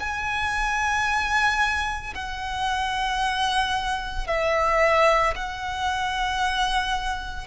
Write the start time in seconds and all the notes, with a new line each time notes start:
0.00 G#5
2.15 F#5
4.27 E5
5.36 F#5